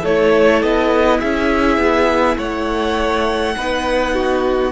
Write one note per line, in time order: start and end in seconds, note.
0.00 0.63 A3
0.00 3.57 E4
0.00 1.18 A4
0.00 0.63 C#5
0.63 1.22 B3
0.63 1.20 D#5
1.20 1.78 C#4
1.20 2.37 G#4
1.20 2.37 E5
1.78 2.37 B3
2.37 3.56 A3
2.37 3.55 C#5
2.37 4.72 F#5
3.57 4.72 B3
3.57 4.72 D#4
3.57 4.14 B4
4.14 4.72 F#4